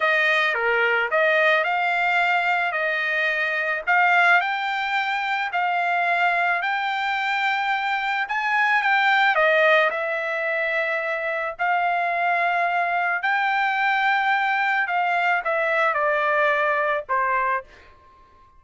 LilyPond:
\new Staff \with { instrumentName = "trumpet" } { \time 4/4 \tempo 4 = 109 dis''4 ais'4 dis''4 f''4~ | f''4 dis''2 f''4 | g''2 f''2 | g''2. gis''4 |
g''4 dis''4 e''2~ | e''4 f''2. | g''2. f''4 | e''4 d''2 c''4 | }